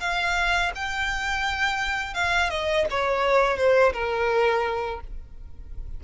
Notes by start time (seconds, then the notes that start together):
0.00 F5
0.75 G5
2.14 F5
2.50 D#5
2.90 C#5
3.57 C5
3.93 A#4